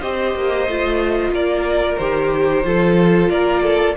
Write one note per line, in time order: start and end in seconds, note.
0.00 0.35 C4
0.00 0.68 G4
0.00 1.32 C5
0.00 1.34 D#5
0.35 0.68 A#3
0.68 1.30 A3
0.68 2.00 F4
1.30 1.96 A#3
1.30 2.66 A#4
1.30 1.98 D5
1.98 2.65 D#3
1.98 2.64 G4
1.98 3.29 C5
2.64 3.31 F3
2.64 3.96 F4
2.64 3.32 A4
3.30 3.97 A#3
3.30 3.63 A#4
3.30 3.95 D5
3.63 3.96 A4